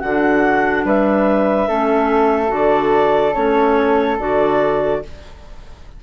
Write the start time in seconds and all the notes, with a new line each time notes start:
0.00 D3 D4 F#4 F#5
0.84 G3 B4 E5
1.69 A3 C#4 A4
2.48 D3 F#4 D5
3.34 A3 C#4 C#5
4.19 D3 F#4 D5